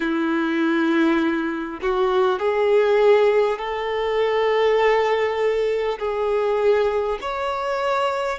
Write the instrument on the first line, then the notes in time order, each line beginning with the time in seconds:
violin
0.00 E4
1.82 F#4
2.39 G#4
3.58 A4
5.98 G#4
7.21 C#5